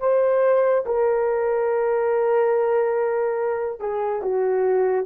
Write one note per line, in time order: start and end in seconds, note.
0.00 0.85 C5
0.86 3.80 A#4
3.80 4.22 G#4
4.22 5.06 F#4